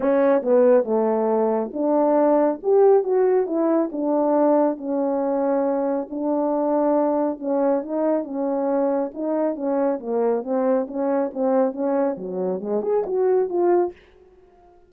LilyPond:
\new Staff \with { instrumentName = "horn" } { \time 4/4 \tempo 4 = 138 cis'4 b4 a2 | d'2 g'4 fis'4 | e'4 d'2 cis'4~ | cis'2 d'2~ |
d'4 cis'4 dis'4 cis'4~ | cis'4 dis'4 cis'4 ais4 | c'4 cis'4 c'4 cis'4 | fis4 gis8 gis'8 fis'4 f'4 | }